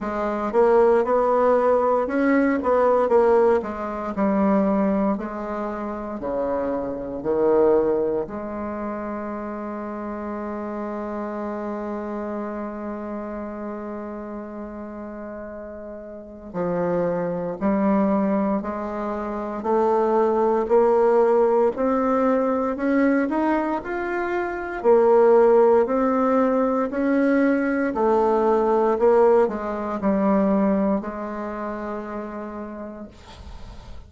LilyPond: \new Staff \with { instrumentName = "bassoon" } { \time 4/4 \tempo 4 = 58 gis8 ais8 b4 cis'8 b8 ais8 gis8 | g4 gis4 cis4 dis4 | gis1~ | gis1 |
f4 g4 gis4 a4 | ais4 c'4 cis'8 dis'8 f'4 | ais4 c'4 cis'4 a4 | ais8 gis8 g4 gis2 | }